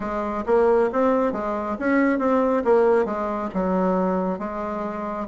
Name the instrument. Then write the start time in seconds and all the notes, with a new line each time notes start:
bassoon
0.00 G#3
0.46 A#3
0.92 C4
1.32 G#3
1.79 C#4
2.19 C4
2.64 A#3
3.05 G#3
3.54 F#3
4.38 G#3